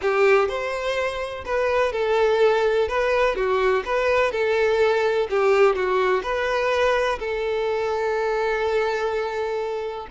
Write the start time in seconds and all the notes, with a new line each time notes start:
0.01 G4
0.48 C5
1.45 B4
1.92 A4
2.88 B4
3.35 F#4
3.85 B4
4.31 A4
5.30 G4
5.75 F#4
6.23 B4
7.19 A4